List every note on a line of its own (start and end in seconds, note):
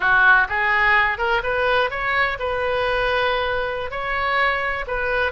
0.00 0.47 F#4
0.48 1.17 G#4
1.17 1.41 A#4
1.43 1.90 B4
1.90 2.38 C#5
2.39 3.90 B4
3.90 4.85 C#5
4.87 5.32 B4